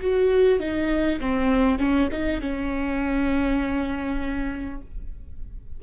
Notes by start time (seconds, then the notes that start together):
0.00 F#4
0.59 D#4
1.19 C4
1.78 C#4
2.11 D#4
2.40 C#4